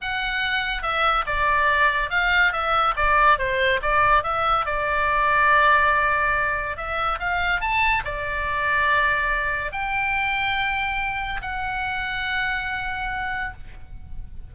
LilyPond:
\new Staff \with { instrumentName = "oboe" } { \time 4/4 \tempo 4 = 142 fis''2 e''4 d''4~ | d''4 f''4 e''4 d''4 | c''4 d''4 e''4 d''4~ | d''1 |
e''4 f''4 a''4 d''4~ | d''2. g''4~ | g''2. fis''4~ | fis''1 | }